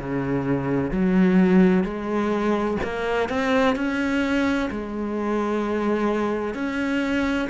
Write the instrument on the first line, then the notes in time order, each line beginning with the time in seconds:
cello
0.00 C#3
0.92 F#3
1.84 G#3
2.84 A#3
3.29 C4
3.76 C#4
4.71 G#3
6.55 C#4